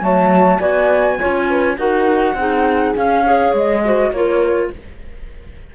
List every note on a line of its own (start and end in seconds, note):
0.00 0.59 F#3
0.00 0.60 A3
0.00 0.59 C#5
0.00 0.60 A5
0.59 1.19 B3
0.59 1.19 F#4
0.59 1.18 D5
0.59 1.77 G#5
1.19 1.77 C#4
1.19 1.78 F4
1.19 1.48 C#5
1.49 1.79 B4
1.77 2.34 D#4
1.77 2.36 F#4
1.77 2.38 A#4
1.77 2.96 F#5
2.34 2.93 C4
2.34 2.96 D#4
2.34 3.25 G#4
2.96 3.25 C#4
2.96 3.52 C#4
2.96 3.55 F5
3.25 3.84 G#4
3.25 3.84 C#5
3.52 4.10 G#3
3.52 4.12 D#5
3.84 4.14 F#4
3.84 4.15 C5
4.10 4.69 A#3
4.10 4.73 F4
4.10 4.75 A#4
4.10 4.70 C#5